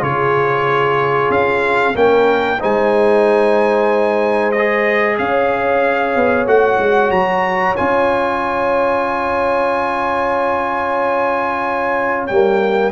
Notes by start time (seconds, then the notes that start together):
0.00 C#3 F4 G#4 C#5
1.29 C#4 F5
1.94 A#3 C#4 A#4 G5
2.60 G#3 D#4 C5 G#5
4.52 D#5
4.58 G#4
5.18 C#4 C#5 F5
6.16 B3
6.46 A3 F#4 F#5
6.78 G#3
7.10 F#3 A#5
7.76 C#4 F4 G#5
12.27 G3 A#3 G5